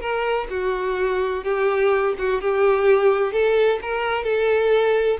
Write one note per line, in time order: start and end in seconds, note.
0.00 0.47 A#4
0.50 1.43 F#4
1.44 2.14 G4
2.18 2.41 F#4
2.41 3.32 G4
3.32 3.79 A4
3.82 4.24 A#4
4.24 5.17 A4